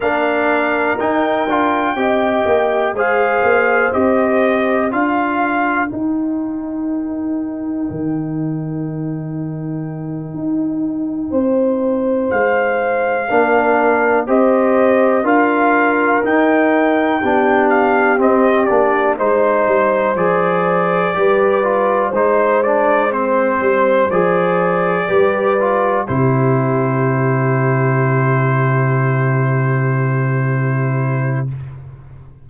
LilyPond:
<<
  \new Staff \with { instrumentName = "trumpet" } { \time 4/4 \tempo 4 = 61 f''4 g''2 f''4 | dis''4 f''4 g''2~ | g''1~ | g''8 f''2 dis''4 f''8~ |
f''8 g''4. f''8 dis''8 d''8 c''8~ | c''8 d''2 c''8 d''8 c''8~ | c''8 d''2 c''4.~ | c''1 | }
  \new Staff \with { instrumentName = "horn" } { \time 4/4 ais'2 dis''4 c''4~ | c''4 ais'2.~ | ais'2.~ ais'8 c''8~ | c''4. ais'4 c''4 ais'8~ |
ais'4. g'2 c''8~ | c''4. b'4 c''4.~ | c''4. b'4 g'4.~ | g'1 | }
  \new Staff \with { instrumentName = "trombone" } { \time 4/4 d'4 dis'8 f'8 g'4 gis'4 | g'4 f'4 dis'2~ | dis'1~ | dis'4. d'4 g'4 f'8~ |
f'8 dis'4 d'4 c'8 d'8 dis'8~ | dis'8 gis'4 g'8 f'8 dis'8 d'8 c'8~ | c'8 gis'4 g'8 f'8 e'4.~ | e'1 | }
  \new Staff \with { instrumentName = "tuba" } { \time 4/4 ais4 dis'8 d'8 c'8 ais8 gis8 ais8 | c'4 d'4 dis'2 | dis2~ dis8 dis'4 c'8~ | c'8 gis4 ais4 c'4 d'8~ |
d'8 dis'4 b4 c'8 ais8 gis8 | g8 f4 g4 gis4. | g8 f4 g4 c4.~ | c1 | }
>>